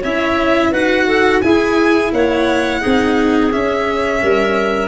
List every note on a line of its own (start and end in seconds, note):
0.00 0.72 C#4
0.00 0.73 E4
0.00 0.70 C#5
0.00 0.74 E5
0.71 1.42 D#4
0.71 1.43 F#4
0.71 1.06 B4
0.71 1.42 F#5
1.07 1.42 A4
1.42 2.13 E4
1.42 2.81 E4
1.42 2.13 G#4
1.42 2.12 G#5
2.13 2.83 A#3
2.13 2.81 C#5
2.13 3.52 F#5
2.81 3.54 C4
2.81 3.51 D#4
2.81 4.21 G#4
3.52 4.89 C#4
3.52 4.23 C#4
3.52 4.89 E5
4.22 4.89 G3
4.22 4.89 A#4